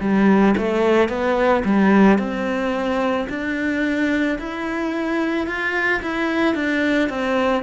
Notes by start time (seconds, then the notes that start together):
0.00 G3
0.57 A3
1.09 B3
1.65 G3
2.18 C4
3.29 D4
4.39 E4
5.46 F4
6.02 E4
6.55 D4
7.09 C4